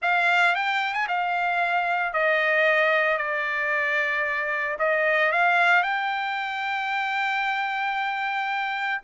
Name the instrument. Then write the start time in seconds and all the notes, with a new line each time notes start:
trumpet
0.02 F5
0.55 G5
0.93 G#5
1.07 F5
2.13 D#5
3.17 D5
4.78 D#5
5.31 F5
5.82 G5